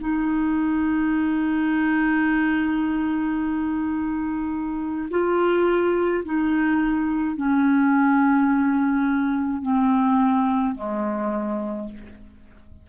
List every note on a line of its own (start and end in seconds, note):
0.00 5.09 D#4
5.10 6.24 F4
6.25 7.37 D#4
7.37 9.62 C#4
9.62 10.75 C4
10.75 11.89 G#3